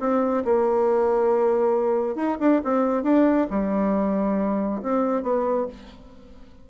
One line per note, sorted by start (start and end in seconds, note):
0.00 0.44 C4
0.45 2.16 A#3
2.16 2.37 D#4
2.40 2.62 D4
2.64 3.03 C4
3.03 3.47 D4
3.50 4.82 G3
4.82 5.23 C4
5.23 5.67 B3